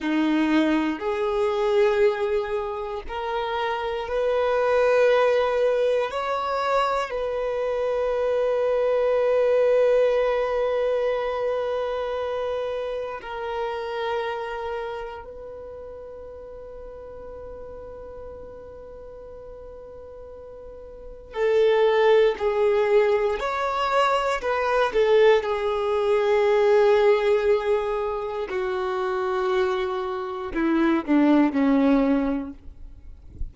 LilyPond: \new Staff \with { instrumentName = "violin" } { \time 4/4 \tempo 4 = 59 dis'4 gis'2 ais'4 | b'2 cis''4 b'4~ | b'1~ | b'4 ais'2 b'4~ |
b'1~ | b'4 a'4 gis'4 cis''4 | b'8 a'8 gis'2. | fis'2 e'8 d'8 cis'4 | }